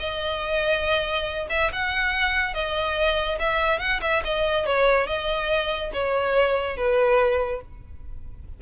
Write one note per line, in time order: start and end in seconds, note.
0.00 1.48 D#5
1.50 1.71 E5
1.73 2.54 F#5
2.54 3.39 D#5
3.40 3.80 E5
3.80 4.01 F#5
4.02 4.23 E5
4.25 4.66 D#5
4.66 5.07 C#5
5.07 5.92 D#5
5.94 6.77 C#5
6.77 7.62 B4